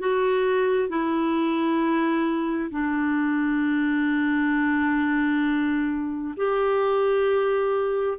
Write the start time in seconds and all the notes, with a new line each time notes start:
0.00 F#4
0.89 E4
2.71 D4
6.37 G4